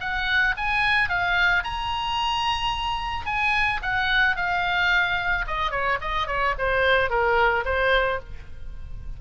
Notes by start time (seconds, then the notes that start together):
0.00 F#5
0.57 G#5
1.09 F5
1.64 A#5
3.26 G#5
3.82 F#5
4.36 F5
5.46 D#5
5.70 C#5
6.00 D#5
6.27 C#5
6.58 C5
7.09 A#4
7.65 C5